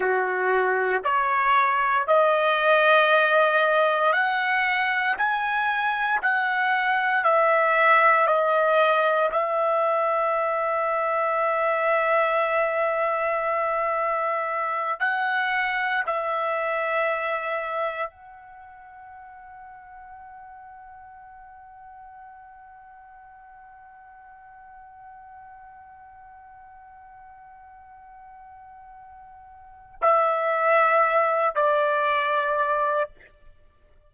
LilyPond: \new Staff \with { instrumentName = "trumpet" } { \time 4/4 \tempo 4 = 58 fis'4 cis''4 dis''2 | fis''4 gis''4 fis''4 e''4 | dis''4 e''2.~ | e''2~ e''8 fis''4 e''8~ |
e''4. fis''2~ fis''8~ | fis''1~ | fis''1~ | fis''4 e''4. d''4. | }